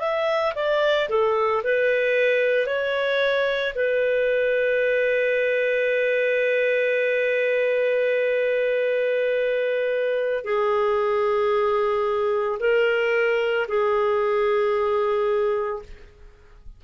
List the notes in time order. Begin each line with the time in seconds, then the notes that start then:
0.00 E5
0.56 D5
1.10 A4
1.64 B4
2.67 C#5
3.75 B4
10.45 G#4
12.60 A#4
13.69 G#4